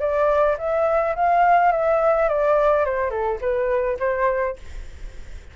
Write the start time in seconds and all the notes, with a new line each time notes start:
0.00 D5
0.58 E5
1.15 F5
1.72 E5
2.29 D5
2.85 C5
3.10 A4
3.41 B4
4.00 C5